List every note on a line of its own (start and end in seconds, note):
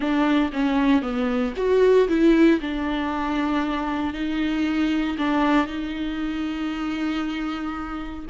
0.00 0.50 D4
0.52 1.01 C#4
1.01 1.53 B3
1.56 2.08 F#4
2.08 2.60 E4
2.61 4.13 D4
4.13 5.17 D#4
5.17 5.66 D4
5.66 8.25 D#4